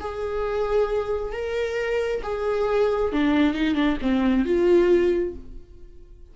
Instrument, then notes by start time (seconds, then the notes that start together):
viola
0.00 G#4
1.32 A#4
2.23 G#4
3.13 D4
3.54 D#4
3.75 D4
4.02 C4
4.45 F4